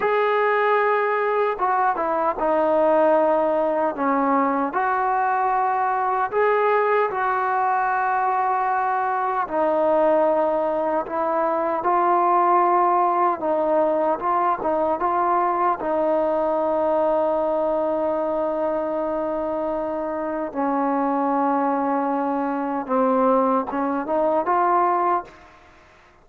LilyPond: \new Staff \with { instrumentName = "trombone" } { \time 4/4 \tempo 4 = 76 gis'2 fis'8 e'8 dis'4~ | dis'4 cis'4 fis'2 | gis'4 fis'2. | dis'2 e'4 f'4~ |
f'4 dis'4 f'8 dis'8 f'4 | dis'1~ | dis'2 cis'2~ | cis'4 c'4 cis'8 dis'8 f'4 | }